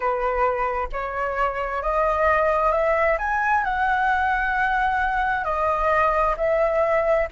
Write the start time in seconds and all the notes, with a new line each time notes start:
0.00 B4
0.92 C#5
1.82 D#5
2.71 E5
3.18 G#5
3.64 F#5
5.44 D#5
6.37 E5